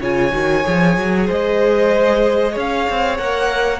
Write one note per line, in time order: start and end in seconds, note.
0.00 0.33 C#3
0.00 0.32 F4
0.00 1.27 C#5
0.00 1.30 G#5
0.32 0.66 D#3
0.32 0.64 F#4
0.64 0.97 F3
0.64 3.18 G#4
0.97 1.29 F#3
1.27 2.56 G#3
1.27 2.52 C5
1.27 2.58 D#5
2.52 2.88 C#4
2.52 3.80 C#5
2.59 3.17 F5
2.89 3.18 C4
3.17 3.80 A#3
3.17 3.80 A#4
3.17 3.80 F#5